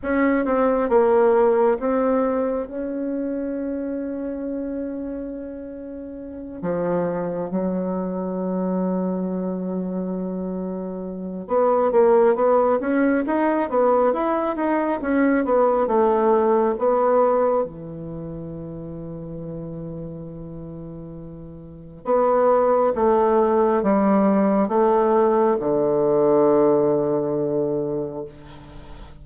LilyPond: \new Staff \with { instrumentName = "bassoon" } { \time 4/4 \tempo 4 = 68 cis'8 c'8 ais4 c'4 cis'4~ | cis'2.~ cis'8 f8~ | f8 fis2.~ fis8~ | fis4 b8 ais8 b8 cis'8 dis'8 b8 |
e'8 dis'8 cis'8 b8 a4 b4 | e1~ | e4 b4 a4 g4 | a4 d2. | }